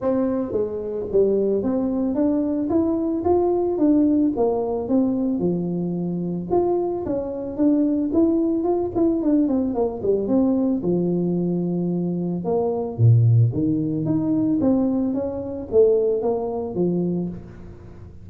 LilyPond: \new Staff \with { instrumentName = "tuba" } { \time 4/4 \tempo 4 = 111 c'4 gis4 g4 c'4 | d'4 e'4 f'4 d'4 | ais4 c'4 f2 | f'4 cis'4 d'4 e'4 |
f'8 e'8 d'8 c'8 ais8 g8 c'4 | f2. ais4 | ais,4 dis4 dis'4 c'4 | cis'4 a4 ais4 f4 | }